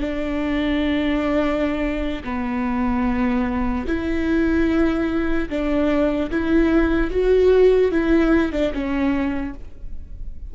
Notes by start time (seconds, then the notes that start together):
0.00 D4
2.24 B3
3.87 E4
5.49 D4
6.30 E4
7.11 F#4
7.91 E4
8.52 D4
8.73 C#4